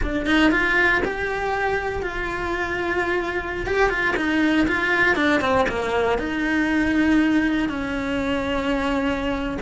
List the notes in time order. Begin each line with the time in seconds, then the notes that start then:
0.03 D4
0.26 D#4
0.51 F4
1.04 G4
2.02 F4
3.66 G4
3.89 F4
4.16 D#4
4.67 F4
5.15 D4
5.40 C4
5.68 A#3
6.18 D#4
7.68 C#4